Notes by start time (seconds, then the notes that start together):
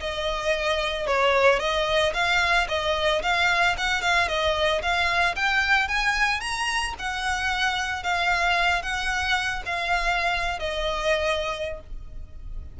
0.00 D#5
1.07 C#5
1.59 D#5
2.13 F5
2.68 D#5
3.22 F5
3.77 F#5
4.02 F5
4.28 D#5
4.82 F5
5.35 G5
5.88 G#5
6.40 A#5
6.99 F#5
8.03 F5
8.82 F#5
9.65 F5
10.59 D#5